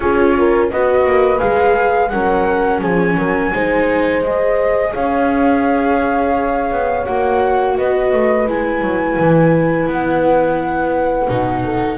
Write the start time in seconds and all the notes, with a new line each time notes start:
0.00 C#4 F4 G#4 C#5
0.38 A#4
0.70 B3 F#4 B4 D#5
1.05 A#3
1.38 G#3 G#4 F5
2.09 F#3 C#4 A#4 F#5
2.81 F3 G#4 G#5
3.17 F#3 A#4
3.53 G#3 D#4 C5
4.23 G#4 D#5
4.93 C#4 C#5 F5
6.71 B3
7.05 A#3 F#4 F#5
7.76 B3 B4 D#5
8.12 A3
8.47 G#3 E4 G#5
8.81 F#3
9.18 E3
9.86 B3 F#5
11.28 B2 D#4
11.64 A4